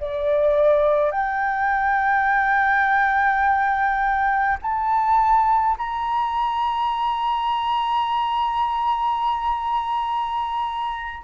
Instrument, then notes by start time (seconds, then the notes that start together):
flute
0.00 D5
1.11 G5
4.62 A5
5.77 A#5